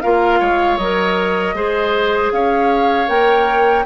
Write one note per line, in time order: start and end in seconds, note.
0.00 0.40 A#3
0.00 0.79 F4
0.00 0.39 A#4
0.00 0.77 F5
0.39 0.78 G#3
0.39 1.55 C#5
0.77 1.54 F#3
0.77 1.55 A#4
0.77 2.31 D#5
1.54 2.30 G#3
1.54 3.07 G#4
1.54 2.32 C5
2.32 3.08 C#4
2.32 3.85 C#5
2.32 3.08 F5
3.07 3.85 A#3
3.07 3.84 A#4
3.07 3.85 G5